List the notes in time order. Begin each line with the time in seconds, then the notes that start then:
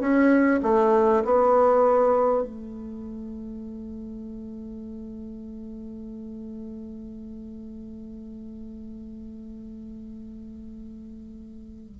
0.00 C#4
0.62 A3
1.24 B3
2.42 A3